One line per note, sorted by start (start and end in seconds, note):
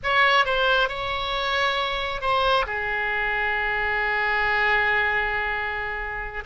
0.03 0.45 C#5
0.45 0.88 C5
0.88 2.21 C#5
2.21 2.65 C5
2.66 6.44 G#4